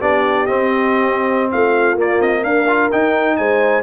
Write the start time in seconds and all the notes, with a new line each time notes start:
0.00 B3 D4 G4 D5
0.46 C4 D#5
1.51 A3 F4 F5
1.95 A#3 D5
2.20 C4 D#5
2.42 D4 A#4 F5
2.68 F4
2.91 D#4 G5
3.36 G#3 C5 G#5